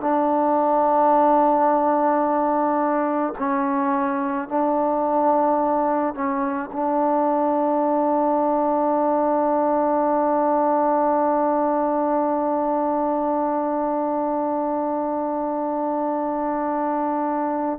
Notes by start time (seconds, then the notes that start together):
0.00 D4
3.38 C#4
4.48 D4
6.14 C#4
6.72 D4